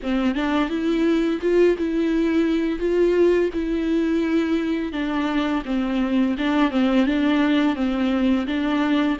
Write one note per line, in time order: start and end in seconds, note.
0.02 0.34 C4
0.34 0.69 D4
0.69 1.39 E4
1.41 1.76 F4
1.77 2.79 E4
2.79 3.49 F4
3.53 4.92 E4
4.92 5.62 D4
5.65 6.35 C4
6.38 6.71 D4
6.71 7.06 C4
7.06 7.75 D4
7.75 8.46 C4
8.46 9.17 D4